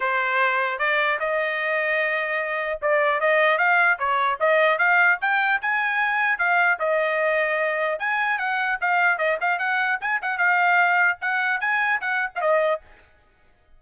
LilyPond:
\new Staff \with { instrumentName = "trumpet" } { \time 4/4 \tempo 4 = 150 c''2 d''4 dis''4~ | dis''2. d''4 | dis''4 f''4 cis''4 dis''4 | f''4 g''4 gis''2 |
f''4 dis''2. | gis''4 fis''4 f''4 dis''8 f''8 | fis''4 gis''8 fis''8 f''2 | fis''4 gis''4 fis''8. f''16 dis''4 | }